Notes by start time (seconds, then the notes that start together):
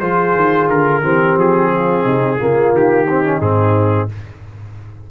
0.00 F3 F4 G#4 C5
0.36 D#3
0.69 D3 A#4
1.02 E3 C4 G4
1.37 F3 G#4
1.75 F4
2.04 C3 D#4
2.39 C#3 A#3 F4
2.74 D#3 G4
3.08 C4 D#4
3.24 C#4
3.41 G#2 C4 G#4